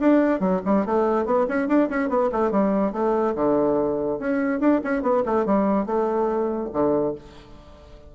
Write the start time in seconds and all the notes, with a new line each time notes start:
0.00 D4
0.40 F#3
0.65 G3
0.86 A3
1.26 B3
1.49 C#4
1.68 D4
1.90 C#4
2.09 B3
2.32 A3
2.51 G3
2.93 A3
3.35 D3
4.19 C#4
4.60 D4
4.84 C#4
5.02 B3
5.26 A3
5.46 G3
5.86 A3
6.73 D3